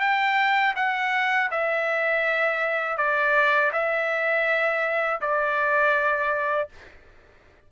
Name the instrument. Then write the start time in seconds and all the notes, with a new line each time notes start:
trumpet
0.00 G5
0.76 F#5
1.51 E5
2.97 D5
3.72 E5
5.21 D5